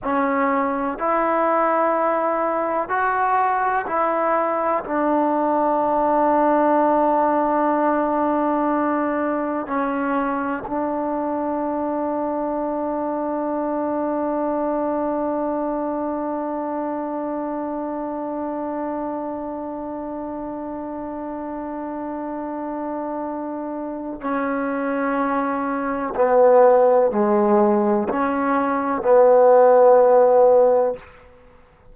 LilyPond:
\new Staff \with { instrumentName = "trombone" } { \time 4/4 \tempo 4 = 62 cis'4 e'2 fis'4 | e'4 d'2.~ | d'2 cis'4 d'4~ | d'1~ |
d'1~ | d'1~ | d'4 cis'2 b4 | gis4 cis'4 b2 | }